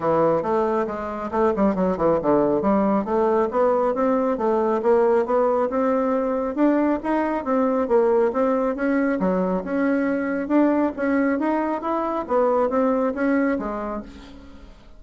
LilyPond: \new Staff \with { instrumentName = "bassoon" } { \time 4/4 \tempo 4 = 137 e4 a4 gis4 a8 g8 | fis8 e8 d4 g4 a4 | b4 c'4 a4 ais4 | b4 c'2 d'4 |
dis'4 c'4 ais4 c'4 | cis'4 fis4 cis'2 | d'4 cis'4 dis'4 e'4 | b4 c'4 cis'4 gis4 | }